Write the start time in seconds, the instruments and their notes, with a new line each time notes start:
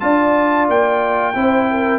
0.00 tuba D4, trombone F4, horn D5, trumpet A5
0.69 tuba A#3, trumpet G5
1.35 tuba C4, trombone E4, horn C5
1.71 horn A#4